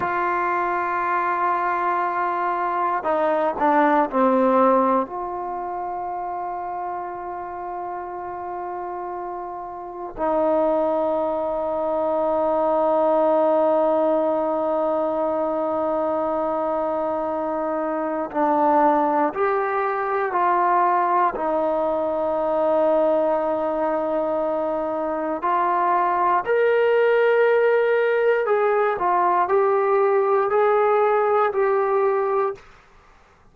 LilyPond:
\new Staff \with { instrumentName = "trombone" } { \time 4/4 \tempo 4 = 59 f'2. dis'8 d'8 | c'4 f'2.~ | f'2 dis'2~ | dis'1~ |
dis'2 d'4 g'4 | f'4 dis'2.~ | dis'4 f'4 ais'2 | gis'8 f'8 g'4 gis'4 g'4 | }